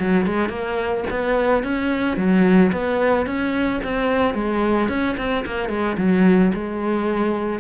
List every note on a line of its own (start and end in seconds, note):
0.00 0.27 F#3
0.27 0.50 G#3
0.50 1.04 A#3
1.11 1.64 B3
1.64 2.17 C#4
2.17 2.72 F#3
2.73 3.27 B3
3.27 3.81 C#4
3.84 4.34 C4
4.34 4.89 G#3
4.89 5.16 C#4
5.18 5.45 C4
5.46 5.70 A#3
5.70 5.97 G#3
5.98 6.53 F#3
6.54 7.60 G#3